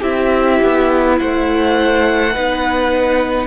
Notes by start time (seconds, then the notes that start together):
0.00 C4 E4 G4 E5
0.62 B3
1.18 A3 C5 F#5
2.33 B3 D#4 B4